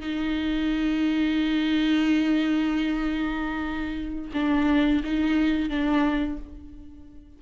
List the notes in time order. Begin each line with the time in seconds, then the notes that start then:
0.00 D#4
4.33 D4
5.03 D#4
5.69 D4